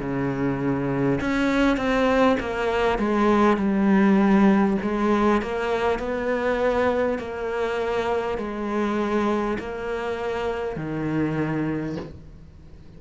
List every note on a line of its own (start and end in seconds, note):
0.00 1.20 C#3
1.21 1.77 C#4
1.77 2.37 C4
2.39 2.98 A#3
2.98 3.57 G#3
3.57 4.77 G3
4.82 5.42 G#3
5.42 5.99 A#3
5.99 7.19 B3
7.19 8.38 A#3
8.38 9.58 G#3
9.59 10.76 A#3
10.76 11.96 D#3